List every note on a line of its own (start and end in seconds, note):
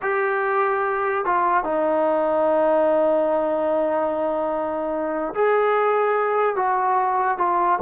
0.02 1.25 G4
1.25 1.64 F4
1.64 5.34 D#4
5.34 6.55 G#4
6.55 7.38 F#4
7.38 7.79 F4